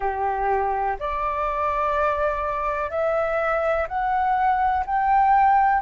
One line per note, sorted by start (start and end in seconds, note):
0.00 0.97 G4
0.99 2.90 D5
2.90 3.87 E5
3.88 4.84 F#5
4.86 5.82 G5